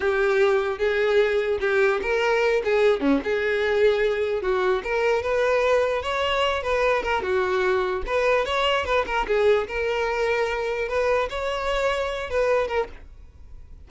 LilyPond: \new Staff \with { instrumentName = "violin" } { \time 4/4 \tempo 4 = 149 g'2 gis'2 | g'4 ais'4. gis'4 cis'8 | gis'2. fis'4 | ais'4 b'2 cis''4~ |
cis''8 b'4 ais'8 fis'2 | b'4 cis''4 b'8 ais'8 gis'4 | ais'2. b'4 | cis''2~ cis''8 b'4 ais'8 | }